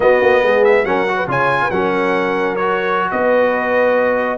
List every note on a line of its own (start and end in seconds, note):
0.00 0.21 B3
0.00 0.85 B3
0.00 0.43 F#4
0.00 0.64 D#5
0.21 0.42 A#3
0.42 0.84 G#3
0.42 0.86 G#4
0.64 0.85 E5
0.84 1.27 F#3
0.84 1.06 C#4
0.84 1.16 A#4
0.84 1.27 F#5
1.07 1.28 F#4
1.16 1.27 B4
1.27 1.69 C#3
1.27 1.71 F4
1.27 1.60 C#5
1.27 1.71 G#5
1.62 1.71 B4
1.71 3.10 F#3
1.71 2.58 C#4
1.71 3.10 A#4
1.71 2.56 F#5
2.56 4.38 F#4
2.56 3.09 C#5
3.11 4.38 B3
3.11 4.38 B4
3.11 4.38 D#5